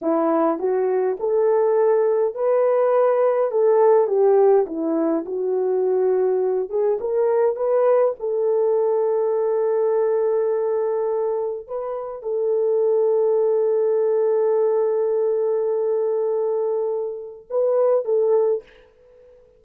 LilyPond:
\new Staff \with { instrumentName = "horn" } { \time 4/4 \tempo 4 = 103 e'4 fis'4 a'2 | b'2 a'4 g'4 | e'4 fis'2~ fis'8 gis'8 | ais'4 b'4 a'2~ |
a'1 | b'4 a'2.~ | a'1~ | a'2 b'4 a'4 | }